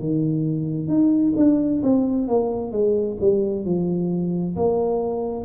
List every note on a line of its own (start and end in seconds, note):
0.00 0.88 D#3
0.88 1.33 D#4
1.37 1.82 D4
1.83 2.28 C4
2.28 2.72 A#3
2.72 3.17 G#3
3.21 3.65 G3
3.65 4.56 F3
4.57 5.45 A#3